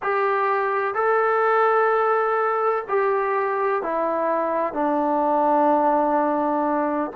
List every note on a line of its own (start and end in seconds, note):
0.02 0.94 G4
0.94 2.84 A4
2.88 3.82 G4
3.82 4.73 E4
4.73 7.11 D4